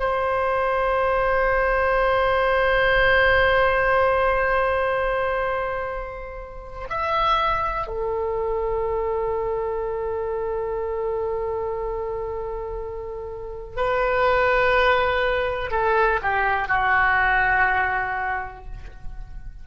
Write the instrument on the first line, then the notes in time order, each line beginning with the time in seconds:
oboe
0.00 C5
6.90 E5
7.88 A4
13.77 B4
15.71 A4
16.23 G4
16.69 F#4